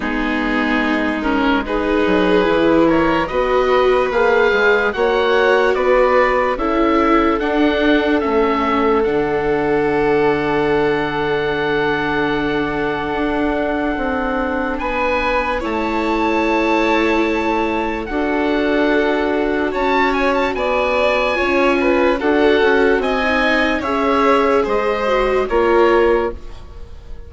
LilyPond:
<<
  \new Staff \with { instrumentName = "oboe" } { \time 4/4 \tempo 4 = 73 gis'4. ais'8 b'4. cis''8 | dis''4 f''4 fis''4 d''4 | e''4 fis''4 e''4 fis''4~ | fis''1~ |
fis''2 gis''4 a''4~ | a''2 fis''2 | a''8 gis''16 a''16 gis''2 fis''4 | gis''4 e''4 dis''4 cis''4 | }
  \new Staff \with { instrumentName = "violin" } { \time 4/4 dis'2 gis'4. ais'8 | b'2 cis''4 b'4 | a'1~ | a'1~ |
a'2 b'4 cis''4~ | cis''2 a'2 | cis''4 d''4 cis''8 b'8 a'4 | dis''4 cis''4 c''4 ais'4 | }
  \new Staff \with { instrumentName = "viola" } { \time 4/4 b4. cis'8 dis'4 e'4 | fis'4 gis'4 fis'2 | e'4 d'4 cis'4 d'4~ | d'1~ |
d'2. e'4~ | e'2 fis'2~ | fis'2 f'4 fis'4~ | fis'16 dis'8. gis'4. fis'8 f'4 | }
  \new Staff \with { instrumentName = "bassoon" } { \time 4/4 gis2~ gis8 fis8 e4 | b4 ais8 gis8 ais4 b4 | cis'4 d'4 a4 d4~ | d1 |
d'4 c'4 b4 a4~ | a2 d'2 | cis'4 b4 cis'4 d'8 cis'8 | c'4 cis'4 gis4 ais4 | }
>>